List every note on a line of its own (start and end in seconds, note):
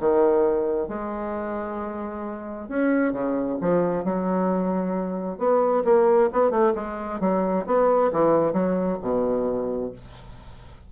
0.00 0.89 D#3
0.89 2.69 G#3
2.69 3.13 C#4
3.13 3.58 C#3
3.61 4.04 F3
4.04 5.38 F#3
5.38 5.84 B3
5.85 6.30 A#3
6.33 6.51 B3
6.51 6.73 A3
6.75 7.20 G#3
7.20 7.65 F#3
7.66 8.11 B3
8.12 8.53 E3
8.53 8.98 F#3
9.02 9.92 B2